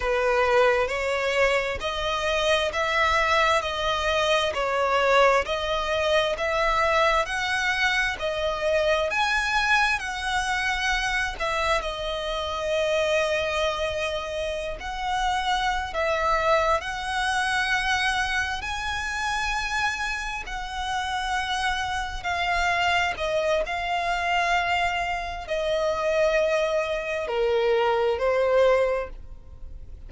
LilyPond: \new Staff \with { instrumentName = "violin" } { \time 4/4 \tempo 4 = 66 b'4 cis''4 dis''4 e''4 | dis''4 cis''4 dis''4 e''4 | fis''4 dis''4 gis''4 fis''4~ | fis''8 e''8 dis''2.~ |
dis''16 fis''4~ fis''16 e''4 fis''4.~ | fis''8 gis''2 fis''4.~ | fis''8 f''4 dis''8 f''2 | dis''2 ais'4 c''4 | }